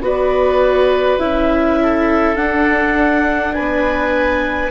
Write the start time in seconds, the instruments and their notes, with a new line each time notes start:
0.00 bassoon B3, viola F#4, oboe B4, clarinet D5
1.18 bassoon C#4, viola E4, clarinet E5
1.82 oboe A4
2.35 viola D4, bassoon D4, clarinet F#5
3.53 bassoon B3, oboe B4, clarinet G#5